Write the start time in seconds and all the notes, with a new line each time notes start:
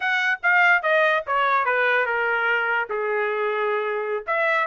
0.00 F#5
0.42 F5
0.82 D#5
1.26 C#5
1.65 B4
2.05 A#4
2.89 G#4
4.26 E5